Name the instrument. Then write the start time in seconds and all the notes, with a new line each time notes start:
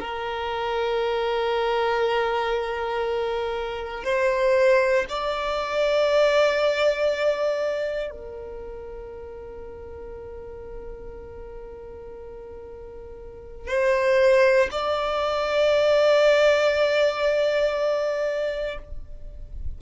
violin
0.00 A#4
4.04 C5
5.09 D5
8.10 A#4
13.67 C5
14.71 D5